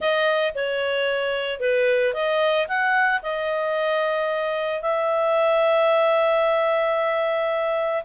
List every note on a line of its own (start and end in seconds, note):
0.00 0.54 D#5
0.55 1.60 C#5
1.60 2.13 B4
2.13 2.67 D#5
2.67 3.21 F#5
3.22 4.82 D#5
4.82 8.03 E5